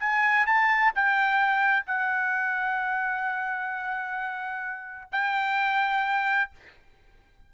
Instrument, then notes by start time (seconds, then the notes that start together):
trumpet
0.00 G#5
0.47 A5
0.95 G5
1.86 F#5
5.12 G5